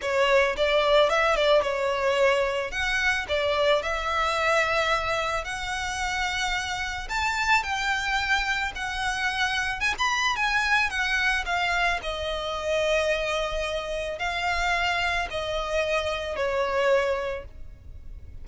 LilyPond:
\new Staff \with { instrumentName = "violin" } { \time 4/4 \tempo 4 = 110 cis''4 d''4 e''8 d''8 cis''4~ | cis''4 fis''4 d''4 e''4~ | e''2 fis''2~ | fis''4 a''4 g''2 |
fis''2 gis''16 b''8. gis''4 | fis''4 f''4 dis''2~ | dis''2 f''2 | dis''2 cis''2 | }